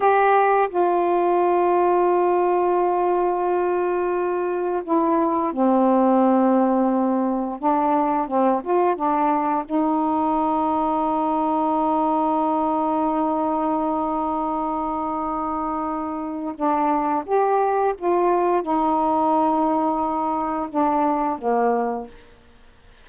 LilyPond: \new Staff \with { instrumentName = "saxophone" } { \time 4/4 \tempo 4 = 87 g'4 f'2.~ | f'2. e'4 | c'2. d'4 | c'8 f'8 d'4 dis'2~ |
dis'1~ | dis'1 | d'4 g'4 f'4 dis'4~ | dis'2 d'4 ais4 | }